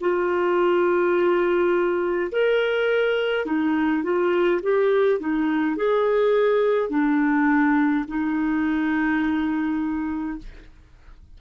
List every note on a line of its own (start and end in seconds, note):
0.00 2.31 F4
2.31 3.46 A#4
3.46 4.03 D#4
4.03 4.60 F4
4.62 5.19 G4
5.19 5.76 D#4
5.76 6.90 G#4
6.90 8.05 D4
8.08 10.38 D#4